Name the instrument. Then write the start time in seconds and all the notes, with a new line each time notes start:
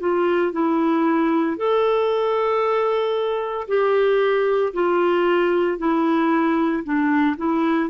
clarinet
0.00 F4
0.53 E4
1.57 A4
3.68 G4
4.74 F4
5.78 E4
6.84 D4
7.37 E4